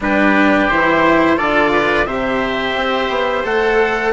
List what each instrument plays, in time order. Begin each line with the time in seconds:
0.00 bassoon G3, cello D4, oboe G4, trumpet B4
0.69 bassoon E3, cello E4, trumpet C5
1.36 bassoon D3, cello F4, oboe A4, trumpet D5
1.72 oboe B4
2.05 bassoon C3, cello G4, oboe C5, trumpet E5
2.75 bassoon C4
3.09 bassoon B3
3.44 bassoon A3, cello A4, trumpet F#5